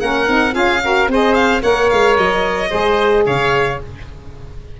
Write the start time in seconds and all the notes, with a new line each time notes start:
0.00 A#3 C#4 A#4 F#5
0.27 C4 D#4
0.52 C#4 F4 G#4 F5
0.82 F#4 A#4
1.08 C4 G#4 C5 D#5
1.34 F5
1.62 A#3 A#4 C#5 F#5
1.89 G#3 F5
2.17 F#3 D#5
2.68 G#3 G#4 C5
3.25 C#3 C#5 F5